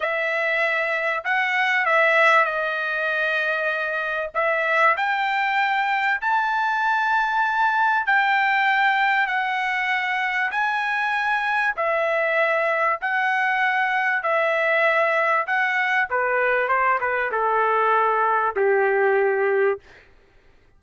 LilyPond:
\new Staff \with { instrumentName = "trumpet" } { \time 4/4 \tempo 4 = 97 e''2 fis''4 e''4 | dis''2. e''4 | g''2 a''2~ | a''4 g''2 fis''4~ |
fis''4 gis''2 e''4~ | e''4 fis''2 e''4~ | e''4 fis''4 b'4 c''8 b'8 | a'2 g'2 | }